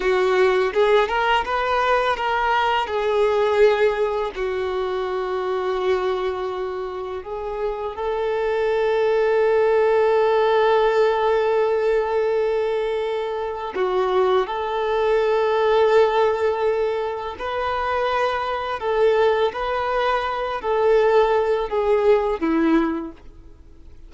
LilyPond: \new Staff \with { instrumentName = "violin" } { \time 4/4 \tempo 4 = 83 fis'4 gis'8 ais'8 b'4 ais'4 | gis'2 fis'2~ | fis'2 gis'4 a'4~ | a'1~ |
a'2. fis'4 | a'1 | b'2 a'4 b'4~ | b'8 a'4. gis'4 e'4 | }